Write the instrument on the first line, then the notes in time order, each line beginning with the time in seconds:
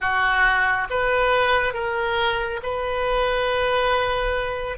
oboe
0.00 F#4
0.89 B4
1.73 A#4
2.62 B4